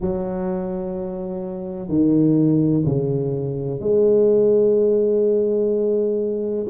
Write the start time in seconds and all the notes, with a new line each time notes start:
0.00 F#3
1.88 D#3
2.85 C#3
3.80 G#3